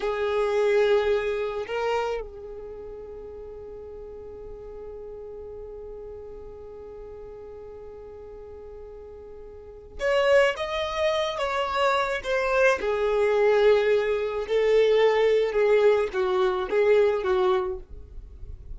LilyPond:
\new Staff \with { instrumentName = "violin" } { \time 4/4 \tempo 4 = 108 gis'2. ais'4 | gis'1~ | gis'1~ | gis'1~ |
gis'2 cis''4 dis''4~ | dis''8 cis''4. c''4 gis'4~ | gis'2 a'2 | gis'4 fis'4 gis'4 fis'4 | }